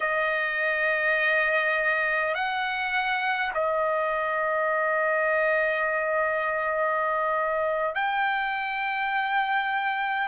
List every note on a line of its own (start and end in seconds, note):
0.00 2.34 D#5
2.34 3.52 F#5
3.53 7.94 D#5
7.94 10.27 G5